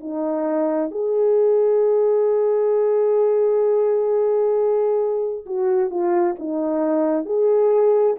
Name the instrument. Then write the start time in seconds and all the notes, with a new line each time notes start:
horn
0.00 D#4
0.91 G#4
5.46 F#4
5.90 F4
6.39 D#4
7.26 G#4